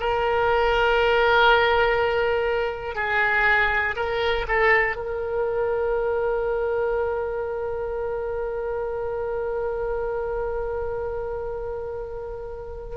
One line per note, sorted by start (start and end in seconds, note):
0.00 2.95 A#4
2.95 3.95 G#4
3.96 4.46 A#4
4.48 4.96 A4
4.96 12.96 A#4